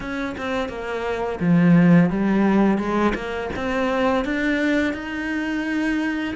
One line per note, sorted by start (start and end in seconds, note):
0.00 0.35 C#4
0.37 0.68 C4
0.68 1.39 A#3
1.39 2.10 F3
2.10 2.78 G3
2.78 3.13 G#3
3.14 3.49 A#3
3.56 4.24 C4
4.24 4.93 D4
4.93 6.34 D#4